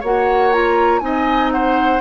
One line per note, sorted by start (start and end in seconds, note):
0.00 1.01 A#3
0.00 0.52 F#4
0.00 1.00 C#5
0.00 0.53 F#5
0.52 1.01 F4
0.52 1.00 A#5
1.00 2.01 C4
1.00 2.01 D#4
1.00 1.53 D#5
1.00 1.50 G#5
1.52 2.01 C5
1.52 2.01 F#5